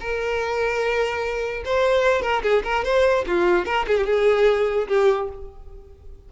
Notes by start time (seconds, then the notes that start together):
0.00 A#4
1.65 C5
2.22 A#4
2.42 G#4
2.63 A#4
2.84 C5
3.27 F4
3.65 A#4
3.87 G#4
3.97 G4
4.06 G#4
4.87 G4